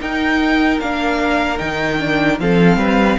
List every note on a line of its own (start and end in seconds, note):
0.00 0.80 D#4
0.00 2.41 A#4
0.00 0.80 G5
0.80 1.60 A#3
0.80 1.58 D4
0.80 1.58 F5
1.58 2.40 D#3
1.58 1.98 D#4
1.58 2.38 G5
1.99 2.39 D4
2.40 2.76 F3
2.40 3.19 C4
2.40 2.78 A4
2.40 3.19 F5
2.76 3.16 G3
2.76 3.18 B4